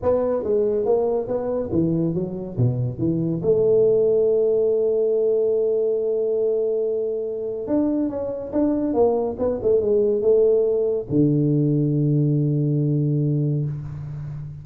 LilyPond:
\new Staff \with { instrumentName = "tuba" } { \time 4/4 \tempo 4 = 141 b4 gis4 ais4 b4 | e4 fis4 b,4 e4 | a1~ | a1~ |
a2 d'4 cis'4 | d'4 ais4 b8 a8 gis4 | a2 d2~ | d1 | }